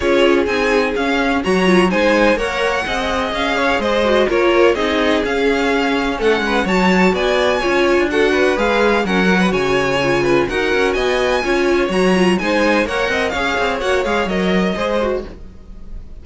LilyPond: <<
  \new Staff \with { instrumentName = "violin" } { \time 4/4 \tempo 4 = 126 cis''4 gis''4 f''4 ais''4 | gis''4 fis''2 f''4 | dis''4 cis''4 dis''4 f''4~ | f''4 fis''4 a''4 gis''4~ |
gis''4 fis''4 f''4 fis''4 | gis''2 fis''4 gis''4~ | gis''4 ais''4 gis''4 fis''4 | f''4 fis''8 f''8 dis''2 | }
  \new Staff \with { instrumentName = "violin" } { \time 4/4 gis'2. cis''4 | c''4 cis''4 dis''4. cis''8 | c''4 ais'4 gis'2~ | gis'4 a'8 b'8 cis''4 d''4 |
cis''4 a'8 b'4. ais'8. b'16 | cis''4. b'8 ais'4 dis''4 | cis''2 c''4 cis''8 dis''8 | cis''2. c''4 | }
  \new Staff \with { instrumentName = "viola" } { \time 4/4 f'4 dis'4 cis'4 fis'8 f'8 | dis'4 ais'4 gis'2~ | gis'8 fis'8 f'4 dis'4 cis'4~ | cis'2 fis'2 |
f'4 fis'4 gis'4 cis'8 fis'8~ | fis'4 f'4 fis'2 | f'4 fis'8 f'8 dis'4 ais'4 | gis'4 fis'8 gis'8 ais'4 gis'8 fis'8 | }
  \new Staff \with { instrumentName = "cello" } { \time 4/4 cis'4 c'4 cis'4 fis4 | gis4 ais4 c'4 cis'4 | gis4 ais4 c'4 cis'4~ | cis'4 a8 gis8 fis4 b4 |
cis'8. d'4~ d'16 gis4 fis4 | cis2 dis'8 cis'8 b4 | cis'4 fis4 gis4 ais8 c'8 | cis'8 c'8 ais8 gis8 fis4 gis4 | }
>>